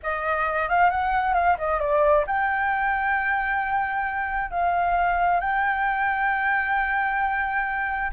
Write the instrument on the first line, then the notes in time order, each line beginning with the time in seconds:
flute
0.02 D#5
0.69 F5
0.90 F#5
1.34 F5
1.58 D#5
1.79 D5
2.26 G5
4.51 F5
5.40 G5